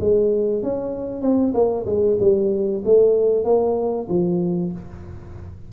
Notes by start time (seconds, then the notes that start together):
0.00 G#3
0.63 C#4
1.22 C4
1.54 A#3
1.86 G#3
2.20 G3
2.85 A3
3.44 A#3
4.09 F3